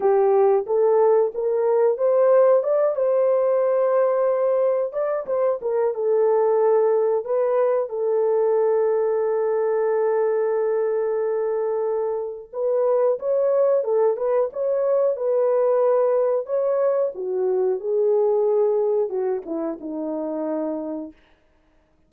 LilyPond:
\new Staff \with { instrumentName = "horn" } { \time 4/4 \tempo 4 = 91 g'4 a'4 ais'4 c''4 | d''8 c''2. d''8 | c''8 ais'8 a'2 b'4 | a'1~ |
a'2. b'4 | cis''4 a'8 b'8 cis''4 b'4~ | b'4 cis''4 fis'4 gis'4~ | gis'4 fis'8 e'8 dis'2 | }